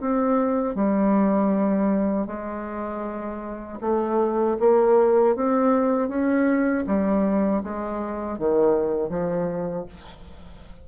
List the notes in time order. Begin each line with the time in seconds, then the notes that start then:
0.00 C4
0.75 G3
2.26 G#3
3.80 A3
4.59 A#3
5.35 C4
6.08 C#4
6.86 G3
7.63 G#3
8.38 D#3
9.09 F3